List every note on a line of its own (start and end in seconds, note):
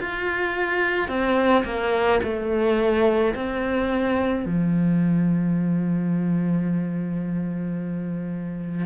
0.00 1.09 F4
1.09 1.64 C4
1.65 2.21 A#3
2.23 3.34 A3
3.35 4.46 C4
4.46 8.86 F3